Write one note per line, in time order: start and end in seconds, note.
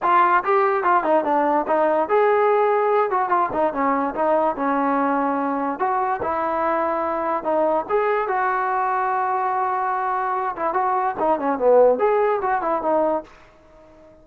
0.02 0.43 F4
0.43 0.83 G4
0.83 1.03 F4
1.03 1.24 D#4
1.24 1.66 D4
1.67 2.08 D#4
2.09 3.10 G#4
3.10 3.29 F#4
3.29 3.49 F4
3.52 3.73 D#4
3.73 4.14 C#4
4.14 4.56 D#4
4.56 5.79 C#4
5.79 6.20 F#4
6.22 7.43 E4
7.43 7.85 D#4
7.89 8.28 G#4
8.28 10.55 F#4
10.56 10.73 E4
10.73 11.15 F#4
11.19 11.39 D#4
11.39 11.58 C#4
11.58 11.98 B3
11.98 12.40 G#4
12.41 12.61 F#4
12.61 12.82 E4
12.82 13.23 D#4